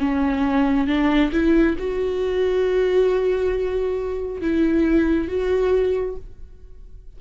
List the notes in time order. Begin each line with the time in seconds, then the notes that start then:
0.00 C#4
0.88 D4
1.32 E4
1.79 F#4
4.42 E4
5.28 F#4